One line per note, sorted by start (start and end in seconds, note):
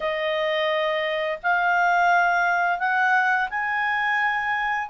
0.00 1.39 D#5
1.43 2.78 F5
2.78 3.48 F#5
3.49 4.89 G#5